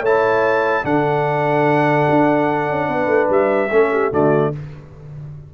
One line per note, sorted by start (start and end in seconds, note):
0.00 0.82 A3
0.00 0.83 E4
0.00 0.82 C#5
0.00 0.85 A5
0.83 2.06 D3
0.83 3.69 D4
0.83 2.88 A4
0.83 3.30 F#5
2.09 2.68 D4
2.68 2.88 C#4
2.88 3.07 B3
2.88 3.70 B4
3.07 3.27 A3
3.29 3.70 G3
3.29 4.13 E5
3.70 4.12 A3
3.70 4.11 C#4
3.70 3.91 A4
3.92 4.11 G4
4.11 4.53 D3
4.11 4.52 A3
4.11 4.52 F#4
4.11 4.54 D5